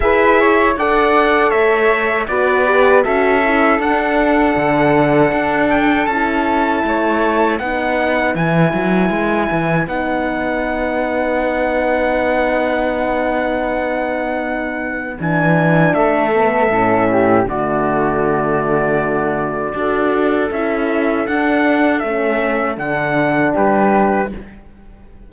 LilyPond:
<<
  \new Staff \with { instrumentName = "trumpet" } { \time 4/4 \tempo 4 = 79 e''4 fis''4 e''4 d''4 | e''4 fis''2~ fis''8 g''8 | a''2 fis''4 gis''4~ | gis''4 fis''2.~ |
fis''1 | gis''4 e''2 d''4~ | d''2. e''4 | fis''4 e''4 fis''4 b'4 | }
  \new Staff \with { instrumentName = "flute" } { \time 4/4 b'8 cis''8 d''4 cis''4 b'4 | a'1~ | a'4 cis''4 b'2~ | b'1~ |
b'1~ | b'4 a'4. g'8 fis'4~ | fis'2 a'2~ | a'2. g'4 | }
  \new Staff \with { instrumentName = "horn" } { \time 4/4 gis'4 a'2 fis'8 g'8 | fis'8 e'8 d'2. | e'2 dis'4 e'4~ | e'4 dis'2.~ |
dis'1 | d'4. b8 cis'4 a4~ | a2 fis'4 e'4 | d'4 cis'4 d'2 | }
  \new Staff \with { instrumentName = "cello" } { \time 4/4 e'4 d'4 a4 b4 | cis'4 d'4 d4 d'4 | cis'4 a4 b4 e8 fis8 | gis8 e8 b2.~ |
b1 | e4 a4 a,4 d4~ | d2 d'4 cis'4 | d'4 a4 d4 g4 | }
>>